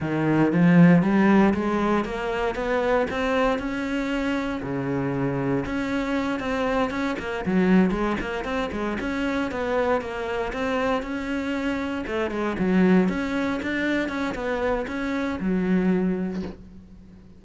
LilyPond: \new Staff \with { instrumentName = "cello" } { \time 4/4 \tempo 4 = 117 dis4 f4 g4 gis4 | ais4 b4 c'4 cis'4~ | cis'4 cis2 cis'4~ | cis'8 c'4 cis'8 ais8 fis4 gis8 |
ais8 c'8 gis8 cis'4 b4 ais8~ | ais8 c'4 cis'2 a8 | gis8 fis4 cis'4 d'4 cis'8 | b4 cis'4 fis2 | }